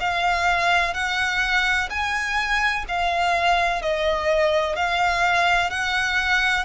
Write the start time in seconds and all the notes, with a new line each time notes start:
0.00 F5
0.94 F#5
1.90 G#5
2.88 F5
3.82 D#5
4.76 F5
5.71 F#5